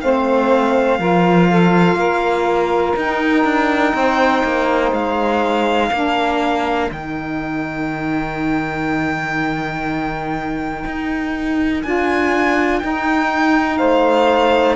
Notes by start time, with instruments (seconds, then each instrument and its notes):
0.00 cello A3, saxophone C4 C5, violin F5
0.99 cello F3, saxophone F4 A#4
1.49 saxophone A4
1.95 cello A#3, saxophone A#4
2.96 cello D#4, saxophone D#4, violin G5
3.44 cello D4
3.93 cello C4, saxophone C5
4.43 cello A#3
4.92 cello G#3, violin F5
5.88 cello A#3, saxophone D4 A#4
6.90 cello D#3, saxophone D#4, violin G5
10.85 cello D#4
11.82 cello D4, saxophone F4, violin G#5
12.79 saxophone D#4, cello D#4, violin G5
13.77 cello A3, saxophone C5, violin F5